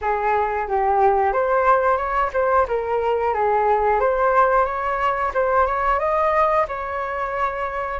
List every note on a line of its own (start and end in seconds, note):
0.01 0.67 G#4
0.68 1.32 G4
1.32 1.97 C5
1.97 2.30 C#5
2.33 2.66 C5
2.68 3.34 A#4
3.34 3.99 G#4
3.99 4.65 C5
4.65 5.32 C#5
5.34 5.66 C5
5.66 5.99 C#5
5.99 6.65 D#5
6.68 7.99 C#5